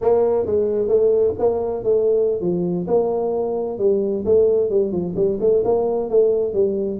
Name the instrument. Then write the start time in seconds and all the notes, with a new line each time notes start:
tuba
0.01 A#3
0.45 G#3
0.88 A3
1.38 A#3
1.83 A3
2.40 F3
2.87 A#3
3.78 G3
4.25 A3
4.70 G3
4.92 F3
5.15 G3
5.40 A3
5.64 A#3
6.09 A3
6.53 G3